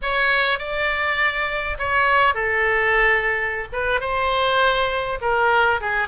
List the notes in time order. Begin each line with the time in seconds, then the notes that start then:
0.02 C#5
0.58 D5
1.78 C#5
2.34 A4
3.72 B4
4.00 C5
5.21 A#4
5.81 G#4